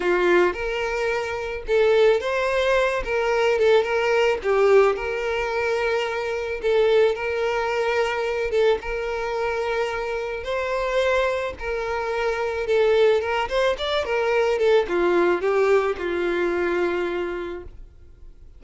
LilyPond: \new Staff \with { instrumentName = "violin" } { \time 4/4 \tempo 4 = 109 f'4 ais'2 a'4 | c''4. ais'4 a'8 ais'4 | g'4 ais'2. | a'4 ais'2~ ais'8 a'8 |
ais'2. c''4~ | c''4 ais'2 a'4 | ais'8 c''8 d''8 ais'4 a'8 f'4 | g'4 f'2. | }